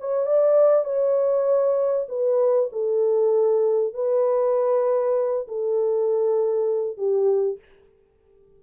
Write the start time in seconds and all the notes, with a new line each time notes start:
0.00 C#5
0.26 D5
0.85 C#5
2.09 B4
2.72 A4
3.94 B4
5.48 A4
6.98 G4